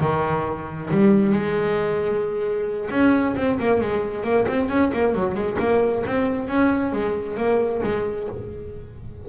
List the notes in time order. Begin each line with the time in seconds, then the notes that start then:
0.00 D#3
0.90 G3
1.32 G#3
2.90 C#4
3.36 C4
3.59 A#3
3.80 G#3
4.24 A#3
4.48 C4
4.69 C#4
4.93 A#3
5.14 F#3
5.34 G#3
5.58 A#3
6.06 C4
6.48 C#4
6.92 G#3
7.37 A#3
7.83 G#3